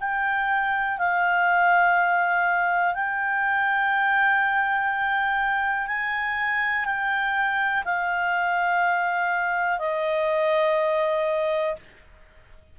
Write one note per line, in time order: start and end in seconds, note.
0.00 0.98 G5
0.99 2.95 F5
2.95 5.87 G5
5.87 6.85 G#5
6.85 7.84 G5
7.85 9.79 F5
9.79 11.75 D#5